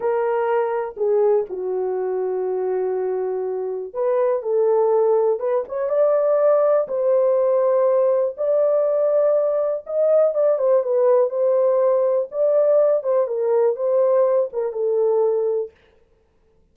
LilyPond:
\new Staff \with { instrumentName = "horn" } { \time 4/4 \tempo 4 = 122 ais'2 gis'4 fis'4~ | fis'1 | b'4 a'2 b'8 cis''8 | d''2 c''2~ |
c''4 d''2. | dis''4 d''8 c''8 b'4 c''4~ | c''4 d''4. c''8 ais'4 | c''4. ais'8 a'2 | }